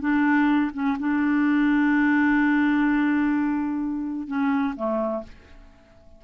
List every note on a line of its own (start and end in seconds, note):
0.00 0.71 D4
0.73 0.97 C#4
0.99 4.27 D4
4.27 4.74 C#4
4.76 5.23 A3